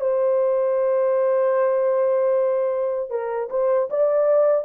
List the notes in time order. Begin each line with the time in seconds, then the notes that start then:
0.00 C5
3.10 A#4
3.50 C5
3.90 D5